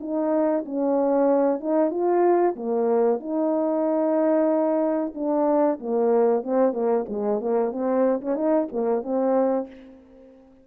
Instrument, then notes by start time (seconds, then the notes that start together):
horn
0.00 D#4
0.65 C#4
1.60 D#4
1.90 F4
2.56 A#3
3.20 D#4
5.14 D4
5.80 A#3
6.43 C4
6.73 A#3
7.09 G#3
7.40 A#3
7.72 C4
8.21 C#4
8.35 D#4
8.72 A#3
9.02 C4